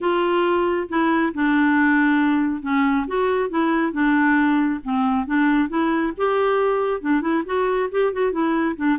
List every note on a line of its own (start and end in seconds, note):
0.00 0.88 F4
0.88 1.32 E4
1.34 2.62 D4
2.62 3.06 C#4
3.07 3.49 F#4
3.49 3.92 E4
3.92 4.80 D4
4.84 5.26 C4
5.26 5.69 D4
5.69 6.12 E4
6.17 7.01 G4
7.01 7.21 D4
7.21 7.43 E4
7.45 7.89 F#4
7.91 8.12 G4
8.12 8.32 F#4
8.32 8.75 E4
8.76 8.98 D4